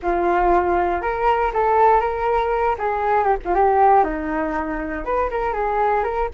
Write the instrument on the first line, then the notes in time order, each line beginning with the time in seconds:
flute
0.02 F4
1.01 A#4
1.53 A4
2.00 A#4
2.78 G#4
3.24 G4
3.44 F4
3.54 G4
4.04 D#4
5.04 B4
5.30 A#4
5.53 G#4
6.03 A#4